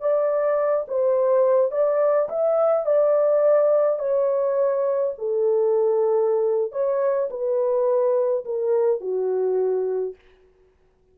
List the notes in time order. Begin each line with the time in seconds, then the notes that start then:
0.00 D5
0.88 C5
1.71 D5
2.29 E5
2.86 D5
3.99 C#5
5.18 A4
6.72 C#5
7.30 B4
8.45 A#4
9.01 F#4